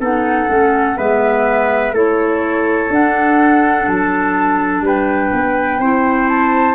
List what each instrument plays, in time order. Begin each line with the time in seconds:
0.00 tuba B3, clarinet D#4, trumpet A4, flute F#5
0.49 tuba A3, clarinet C#4
0.96 tuba G#3, clarinet B3, trumpet B4, flute E5
1.92 tuba A3, clarinet E4, trumpet A4, flute C#5
2.90 tuba D4, clarinet D4, flute F#5
3.87 tuba F#3, flute A5
4.81 tuba G3, trumpet B4, flute G5
5.33 tuba B3
5.79 tuba C4, clarinet E4, trumpet C5
6.29 flute A5